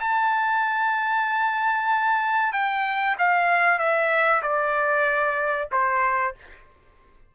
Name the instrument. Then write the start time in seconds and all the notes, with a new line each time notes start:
trumpet
0.00 A5
2.53 G5
3.18 F5
3.79 E5
4.42 D5
5.72 C5